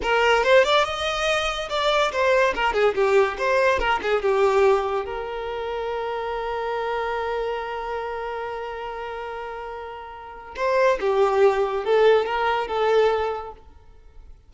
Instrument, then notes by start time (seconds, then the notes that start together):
violin
0.02 A#4
0.43 C5
0.64 D5
0.84 D#5
1.69 D5
2.11 C5
2.54 A#4
2.73 G#4
2.94 G4
3.38 C5
3.79 A#4
4.02 G#4
4.22 G4
5.05 A#4
10.56 C5
11.00 G4
11.84 A4
12.25 A#4
12.67 A4